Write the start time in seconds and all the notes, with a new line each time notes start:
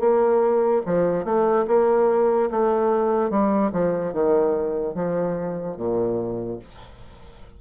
0.00 A#3
0.86 F3
1.25 A3
1.68 A#3
2.51 A3
3.30 G3
3.72 F3
4.13 D#3
4.95 F3
5.77 A#2